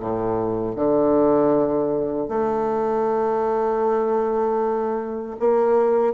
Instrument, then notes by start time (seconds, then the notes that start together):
bassoon
0.00 A2
0.76 D3
2.29 A3
5.40 A#3